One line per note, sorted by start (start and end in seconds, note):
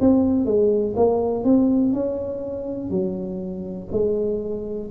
0.00 0.46 C4
0.46 0.95 G#3
0.96 1.44 A#3
1.44 1.93 C4
1.93 2.90 C#4
2.90 3.88 F#3
3.92 4.90 G#3